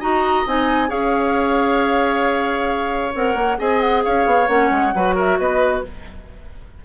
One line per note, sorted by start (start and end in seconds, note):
0.00 0.45 D#4
0.00 0.46 F#4
0.00 0.89 D#5
0.00 0.47 A#5
0.47 0.91 C4
0.47 0.88 D#4
0.47 0.90 G#5
0.88 3.15 C#4
0.88 3.12 G#4
0.88 3.58 C#5
0.88 3.14 F5
3.15 3.35 C4
3.15 3.58 A#4
3.15 3.59 F#5
3.35 3.57 A#3
3.58 4.06 C4
3.58 4.48 G#4
3.58 4.04 D#5
3.58 3.81 G#5
3.81 4.03 F#5
4.04 4.26 C#4
4.04 4.94 C#5
4.04 4.48 F5
4.26 4.48 B3
4.48 4.71 A#3
4.48 4.93 C#4
4.48 5.15 F#5
4.71 4.94 G#3
4.95 5.39 F#3
4.95 5.85 F#4
4.95 5.15 B4
5.15 5.38 A#4
5.15 5.39 E5
5.39 5.84 B3
5.39 5.85 B4
5.39 5.84 D#5